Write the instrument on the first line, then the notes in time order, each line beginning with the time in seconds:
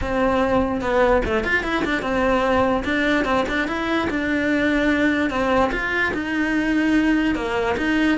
cello
0.01 C4
0.81 B3
1.25 A3
1.44 F4
1.63 E4
1.84 D4
2.01 C4
2.84 D4
3.24 C4
3.48 D4
3.67 E4
4.09 D4
5.29 C4
5.72 F4
6.13 D#4
7.35 A#3
7.77 D#4